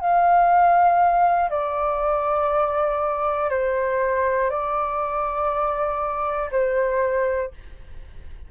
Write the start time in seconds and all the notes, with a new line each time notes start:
0.00 F5
1.50 D5
3.50 C5
4.50 D5
6.51 C5